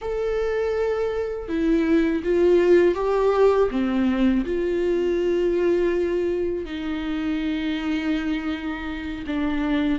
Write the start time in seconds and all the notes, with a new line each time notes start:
0.01 A4
1.48 E4
2.23 F4
2.95 G4
3.70 C4
4.45 F4
6.65 D#4
9.26 D4